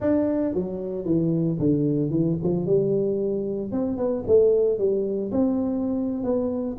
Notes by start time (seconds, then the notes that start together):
0.00 D4
0.53 F#3
1.05 E3
1.59 D3
2.10 E3
2.43 F3
2.65 G3
3.71 C4
3.97 B3
4.27 A3
4.78 G3
5.31 C4
6.23 B3